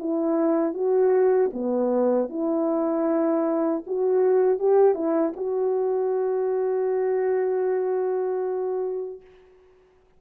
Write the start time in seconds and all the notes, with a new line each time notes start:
0.00 E4
0.74 F#4
1.53 B3
2.30 E4
3.87 F#4
4.59 G4
4.95 E4
5.37 F#4